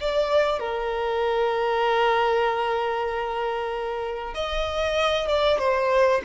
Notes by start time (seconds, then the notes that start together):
0.00 D5
0.59 A#4
4.34 D#5
5.28 D5
5.59 C5